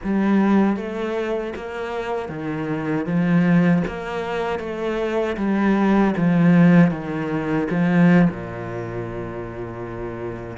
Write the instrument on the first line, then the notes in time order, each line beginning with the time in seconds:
cello
0.03 G3
0.76 A3
1.55 A#3
2.29 D#3
3.06 F3
3.87 A#3
4.59 A3
5.37 G3
6.17 F3
6.90 D#3
7.70 F3
8.30 A#2